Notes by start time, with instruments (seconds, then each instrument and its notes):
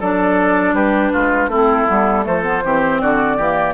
0.00 bassoon F#3, clarinet D4, oboe A4, flute D5
0.73 bassoon G3, oboe G4, flute B4
1.13 bassoon G#3, oboe F4
1.48 bassoon A3, clarinet C4, oboe E4, flute A4
1.87 bassoon G3, clarinet B3
2.23 bassoon F3, clarinet A3, oboe A4, flute C5
2.43 clarinet B3
2.64 bassoon E3, clarinet C4, oboe G4
3.01 bassoon D3, oboe F#4, flute D5
3.37 bassoon E3, clarinet A#3, oboe G4